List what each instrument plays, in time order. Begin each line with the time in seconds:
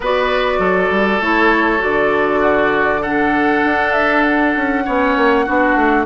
0.00 bassoon B3, clarinet F#4, oboe B4, flute D5
0.58 bassoon F#3, oboe A4
0.90 bassoon G3
1.20 bassoon A3, clarinet E4, flute C#5
1.78 clarinet F#4, flute D5
1.84 bassoon D3
2.40 oboe F#4
3.02 clarinet D4, oboe A4, flute F#5
3.64 bassoon D4
3.92 flute E5
4.22 flute F#5
4.55 bassoon C#4
4.85 bassoon B3, clarinet C#4, oboe C#5
5.16 bassoon A#3
5.45 bassoon B3, clarinet D4, oboe F#4
5.75 bassoon A3